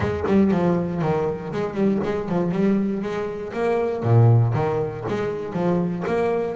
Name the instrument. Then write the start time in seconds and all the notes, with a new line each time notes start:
double bass
0.00 G#3
0.26 G3
0.51 F3
1.01 D#3
1.52 G#3
1.74 G3
2.03 G#3
2.28 F3
2.51 G3
3.01 G#3
3.53 A#3
4.03 A#2
4.54 D#3
5.08 G#3
5.53 F3
6.06 A#3